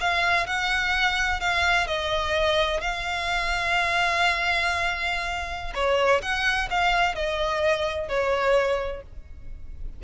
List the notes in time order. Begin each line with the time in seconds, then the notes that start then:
0.00 F5
0.46 F#5
1.40 F5
1.87 D#5
2.80 F5
5.74 C#5
6.22 F#5
6.70 F5
7.15 D#5
8.09 C#5